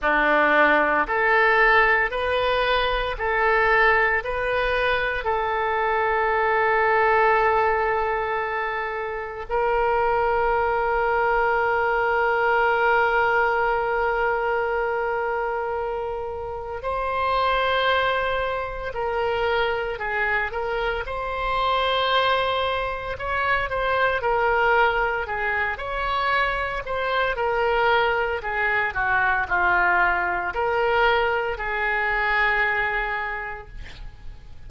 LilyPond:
\new Staff \with { instrumentName = "oboe" } { \time 4/4 \tempo 4 = 57 d'4 a'4 b'4 a'4 | b'4 a'2.~ | a'4 ais'2.~ | ais'1 |
c''2 ais'4 gis'8 ais'8 | c''2 cis''8 c''8 ais'4 | gis'8 cis''4 c''8 ais'4 gis'8 fis'8 | f'4 ais'4 gis'2 | }